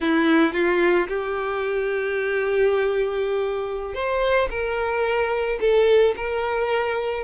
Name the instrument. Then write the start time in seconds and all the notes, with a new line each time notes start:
violin
0.00 E4
0.53 F4
1.08 G4
3.94 C5
4.50 A#4
5.60 A4
6.16 A#4